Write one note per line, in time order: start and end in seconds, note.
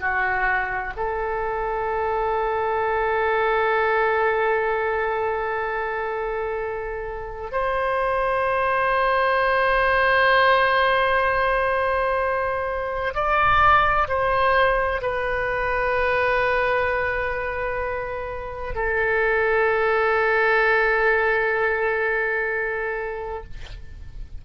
0.00 0.94 F#4
0.97 7.52 A4
7.52 13.14 C5
13.15 14.08 D5
14.08 15.02 C5
15.02 18.75 B4
18.75 23.44 A4